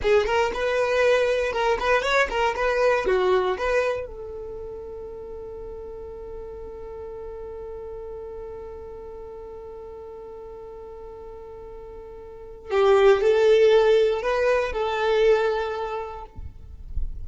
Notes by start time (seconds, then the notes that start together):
0.02 G#4
0.26 A#4
0.54 B4
1.52 A#4
1.79 B4
2.02 C#5
2.30 A#4
2.55 B4
3.06 F#4
3.57 B4
4.06 A4
12.70 G4
13.21 A4
14.22 B4
14.72 A4